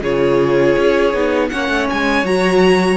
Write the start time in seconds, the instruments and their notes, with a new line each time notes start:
0.00 cello C#3, viola F4, violin G#4 C#5
0.77 cello C#4
1.13 cello B3, viola D#4
1.49 cello A#3, viola C#4, violin C#5 F#5
1.69 cello A3
1.89 cello G#3, violin G#5
2.23 cello F#3, viola F#4, violin A#5